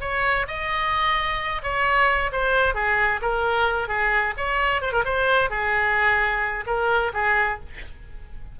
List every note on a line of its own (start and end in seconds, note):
0.00 0.46 C#5
0.47 1.62 D#5
1.62 2.31 C#5
2.32 2.74 C5
2.74 3.20 G#4
3.21 3.88 A#4
3.88 4.33 G#4
4.37 4.81 C#5
4.81 4.92 C5
4.92 5.04 A#4
5.04 5.50 C5
5.50 6.64 G#4
6.66 7.12 A#4
7.13 7.59 G#4